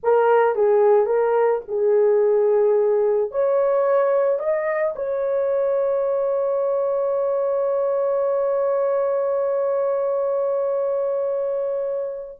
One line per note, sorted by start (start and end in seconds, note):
0.03 0.55 A#4
0.55 1.06 G#4
1.06 1.61 A#4
1.68 3.31 G#4
3.31 4.39 C#5
4.39 4.94 D#5
4.95 12.38 C#5